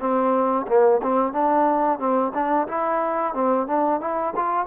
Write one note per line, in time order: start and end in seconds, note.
0.00 0.67 C4
0.68 1.01 A#3
1.03 1.33 C4
1.33 1.99 D4
1.99 2.32 C4
2.34 2.68 D4
2.68 3.34 E4
3.34 3.67 C4
3.67 4.01 D4
4.01 4.34 E4
4.36 4.67 F4